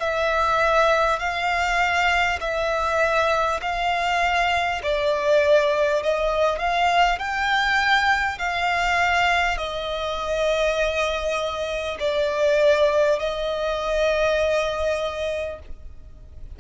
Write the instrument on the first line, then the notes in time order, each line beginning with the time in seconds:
violin
0.00 E5
1.19 F5
2.41 E5
3.62 F5
4.83 D5
6.03 D#5
6.59 F5
7.19 G5
8.38 F5
9.58 D#5
11.99 D5
13.19 D#5